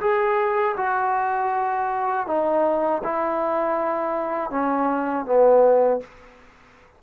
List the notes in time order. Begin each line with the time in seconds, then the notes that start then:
0.00 G#4
0.76 F#4
2.26 D#4
3.03 E4
4.50 C#4
5.25 B3